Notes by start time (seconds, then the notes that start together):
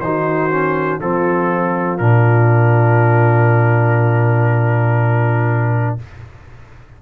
0.00 D#3 D#4 F#4 C5
0.50 C#4
1.01 F3 C4 F4 A4
1.98 A#2 D4 A#4